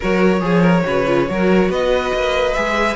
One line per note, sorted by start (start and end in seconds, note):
0.00 0.41 F#3
0.00 0.40 F#4
0.00 0.42 A#4
0.00 1.71 C#5
0.40 0.83 F3
0.40 0.82 G#4
0.40 0.61 G#4
0.61 0.83 A#4
0.84 1.29 C#3
0.84 1.05 F#4
0.84 1.29 B4
1.07 1.27 F4
1.27 1.69 F#3
1.27 2.54 F#4
1.27 1.70 A#4
1.69 2.11 B3
1.69 2.96 B4
1.69 2.53 D#5
2.13 2.56 A#3
2.53 2.96 G#3
2.53 2.96 G#4
2.53 2.96 E5